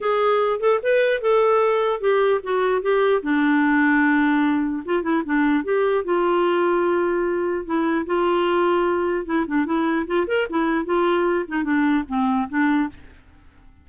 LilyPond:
\new Staff \with { instrumentName = "clarinet" } { \time 4/4 \tempo 4 = 149 gis'4. a'8 b'4 a'4~ | a'4 g'4 fis'4 g'4 | d'1 | f'8 e'8 d'4 g'4 f'4~ |
f'2. e'4 | f'2. e'8 d'8 | e'4 f'8 ais'8 e'4 f'4~ | f'8 dis'8 d'4 c'4 d'4 | }